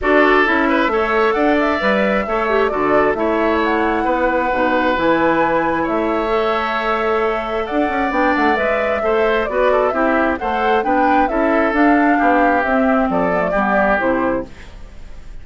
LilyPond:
<<
  \new Staff \with { instrumentName = "flute" } { \time 4/4 \tempo 4 = 133 d''4 e''2 fis''8 e''8~ | e''2 d''4 e''4 | fis''2. gis''4~ | gis''4 e''2.~ |
e''4 fis''4 g''8 fis''8 e''4~ | e''4 d''4 e''4 fis''4 | g''4 e''4 f''2 | e''4 d''2 c''4 | }
  \new Staff \with { instrumentName = "oboe" } { \time 4/4 a'4. b'8 cis''4 d''4~ | d''4 cis''4 a'4 cis''4~ | cis''4 b'2.~ | b'4 cis''2.~ |
cis''4 d''2. | c''4 b'8 a'8 g'4 c''4 | b'4 a'2 g'4~ | g'4 a'4 g'2 | }
  \new Staff \with { instrumentName = "clarinet" } { \time 4/4 fis'4 e'4 a'2 | b'4 a'8 g'8 fis'4 e'4~ | e'2 dis'4 e'4~ | e'2 a'2~ |
a'2 d'4 b'4 | a'4 fis'4 e'4 a'4 | d'4 e'4 d'2 | c'4. b16 a16 b4 e'4 | }
  \new Staff \with { instrumentName = "bassoon" } { \time 4/4 d'4 cis'4 a4 d'4 | g4 a4 d4 a4~ | a4 b4 b,4 e4~ | e4 a2.~ |
a4 d'8 cis'8 b8 a8 gis4 | a4 b4 c'4 a4 | b4 cis'4 d'4 b4 | c'4 f4 g4 c4 | }
>>